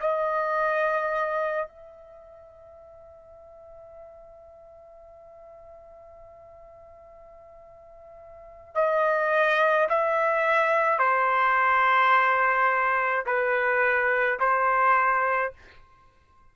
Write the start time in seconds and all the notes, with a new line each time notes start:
0.00 D#5
1.68 E5
8.75 D#5
9.89 E5
10.99 C5
13.26 B4
14.40 C5